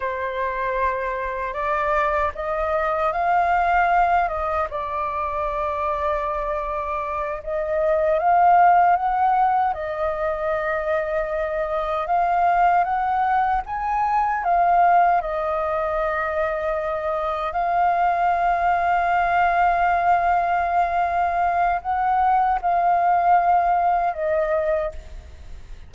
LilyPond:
\new Staff \with { instrumentName = "flute" } { \time 4/4 \tempo 4 = 77 c''2 d''4 dis''4 | f''4. dis''8 d''2~ | d''4. dis''4 f''4 fis''8~ | fis''8 dis''2. f''8~ |
f''8 fis''4 gis''4 f''4 dis''8~ | dis''2~ dis''8 f''4.~ | f''1 | fis''4 f''2 dis''4 | }